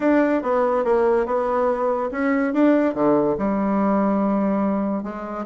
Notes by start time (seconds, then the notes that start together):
0.00 D4
0.42 B3
0.84 A#3
1.25 B3
2.11 C#4
2.53 D4
2.94 D3
3.38 G3
5.03 G#3